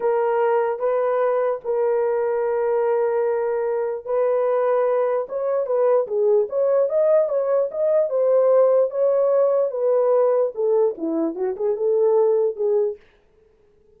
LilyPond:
\new Staff \with { instrumentName = "horn" } { \time 4/4 \tempo 4 = 148 ais'2 b'2 | ais'1~ | ais'2 b'2~ | b'4 cis''4 b'4 gis'4 |
cis''4 dis''4 cis''4 dis''4 | c''2 cis''2 | b'2 a'4 e'4 | fis'8 gis'8 a'2 gis'4 | }